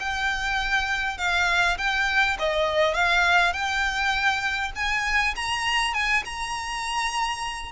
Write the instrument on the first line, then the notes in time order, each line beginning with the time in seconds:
violin
0.00 G5
1.18 F5
1.78 G5
2.39 D#5
2.94 F5
3.53 G5
4.75 G#5
5.36 A#5
5.94 G#5
6.25 A#5